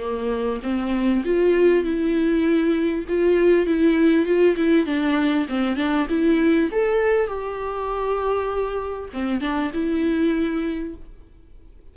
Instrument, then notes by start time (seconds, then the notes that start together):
viola
0.00 A#3
0.63 C4
1.25 F4
1.84 E4
3.09 F4
3.67 E4
4.26 F4
4.56 E4
4.86 D4
5.49 C4
5.77 D4
6.09 E4
6.72 A4
7.27 G4
9.13 C4
9.41 D4
9.74 E4